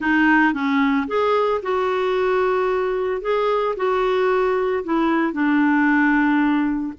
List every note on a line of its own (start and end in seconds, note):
0.00 0.53 D#4
0.53 1.07 C#4
1.07 1.61 G#4
1.62 3.21 F#4
3.21 3.75 G#4
3.76 4.83 F#4
4.84 5.32 E4
5.32 6.93 D4